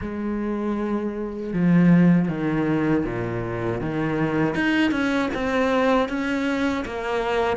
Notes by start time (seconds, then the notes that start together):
0.01 G#3
1.53 F3
2.28 D#3
3.04 A#2
3.80 D#3
4.54 D#4
4.91 C#4
5.34 C4
6.08 C#4
6.85 A#3